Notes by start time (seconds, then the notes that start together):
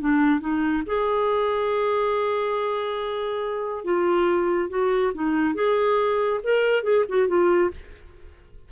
0.00 D4
0.40 D#4
0.86 G#4
3.84 F4
4.69 F#4
5.14 D#4
5.54 G#4
6.43 A#4
6.83 G#4
7.08 F#4
7.27 F4